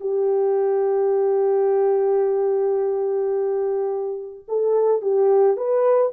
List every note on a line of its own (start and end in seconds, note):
0.00 4.44 G4
4.48 5.01 A4
5.01 5.57 G4
5.57 6.12 B4